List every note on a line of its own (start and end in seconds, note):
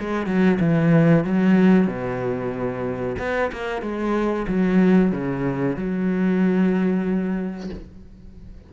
0.00 0.26 G#3
0.26 0.59 F#3
0.60 1.24 E3
1.24 1.87 F#3
1.87 3.16 B2
3.19 3.51 B3
3.52 3.82 A#3
3.82 4.47 G#3
4.48 5.12 F#3
5.12 5.76 C#3
5.76 7.70 F#3